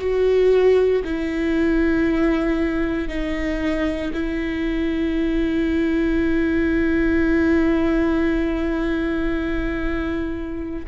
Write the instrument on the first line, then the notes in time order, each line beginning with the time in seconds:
viola
0.00 F#4
1.04 E4
3.08 D#4
4.13 E4